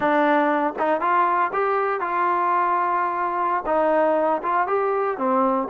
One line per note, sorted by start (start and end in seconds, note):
0.00 0.73 D4
0.79 1.01 D#4
1.01 1.51 F4
1.52 2.00 G4
2.00 3.64 F4
3.66 4.41 D#4
4.42 4.67 F4
4.67 5.17 G4
5.17 5.67 C4